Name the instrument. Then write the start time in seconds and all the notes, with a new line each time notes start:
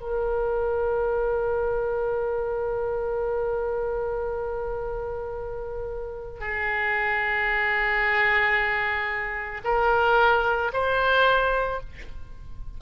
oboe
0.00 A#4
6.40 G#4
9.64 A#4
10.73 C5